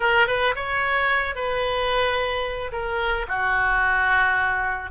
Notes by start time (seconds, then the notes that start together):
0.00 A#4
0.27 B4
0.55 C#5
1.35 B4
2.71 A#4
3.28 F#4